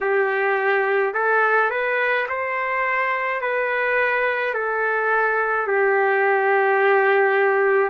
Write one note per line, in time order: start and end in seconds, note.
0.01 1.13 G4
1.13 1.70 A4
1.70 2.26 B4
2.28 3.41 C5
3.41 4.54 B4
4.54 5.67 A4
5.67 7.89 G4